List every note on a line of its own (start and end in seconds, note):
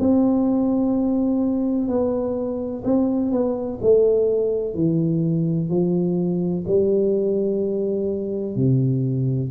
0.00 1.88 C4
1.88 2.84 B3
2.84 3.32 C4
3.32 3.80 B3
3.82 4.75 A3
4.75 5.70 E3
5.70 6.65 F3
6.68 8.56 G3
8.56 9.51 C3